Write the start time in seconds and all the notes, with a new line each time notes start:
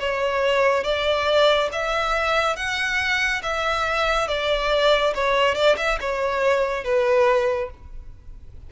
0.00 C#5
0.84 D5
1.73 E5
2.56 F#5
3.43 E5
4.28 D5
5.15 C#5
5.55 D5
5.77 E5
6.01 C#5
6.85 B4